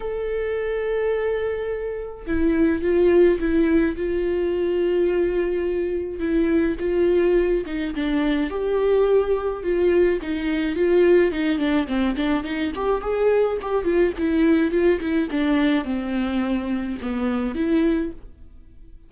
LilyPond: \new Staff \with { instrumentName = "viola" } { \time 4/4 \tempo 4 = 106 a'1 | e'4 f'4 e'4 f'4~ | f'2. e'4 | f'4. dis'8 d'4 g'4~ |
g'4 f'4 dis'4 f'4 | dis'8 d'8 c'8 d'8 dis'8 g'8 gis'4 | g'8 f'8 e'4 f'8 e'8 d'4 | c'2 b4 e'4 | }